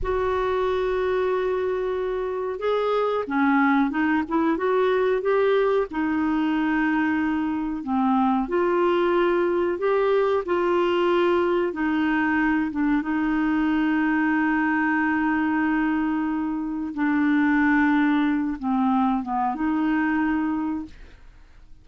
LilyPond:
\new Staff \with { instrumentName = "clarinet" } { \time 4/4 \tempo 4 = 92 fis'1 | gis'4 cis'4 dis'8 e'8 fis'4 | g'4 dis'2. | c'4 f'2 g'4 |
f'2 dis'4. d'8 | dis'1~ | dis'2 d'2~ | d'8 c'4 b8 dis'2 | }